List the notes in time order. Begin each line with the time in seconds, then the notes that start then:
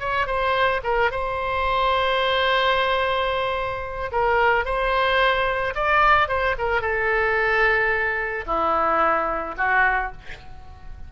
0.00 C#5
0.27 C5
0.84 A#4
1.11 C5
4.12 A#4
4.65 C5
5.75 D5
6.29 C5
6.58 A#4
6.82 A4
8.46 E4
9.58 F#4